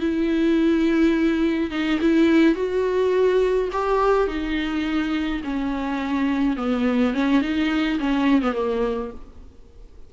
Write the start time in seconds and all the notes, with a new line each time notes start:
0.00 E4
1.71 D#4
2.02 E4
2.55 F#4
3.73 G4
4.28 D#4
5.44 C#4
6.57 B3
7.14 C#4
7.42 D#4
7.99 C#4
8.42 B3
8.54 A#3